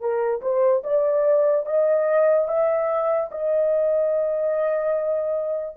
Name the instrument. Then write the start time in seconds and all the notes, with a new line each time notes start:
horn
0.00 A#4
0.41 C5
0.83 D5
1.66 D#5
2.48 E5
3.31 D#5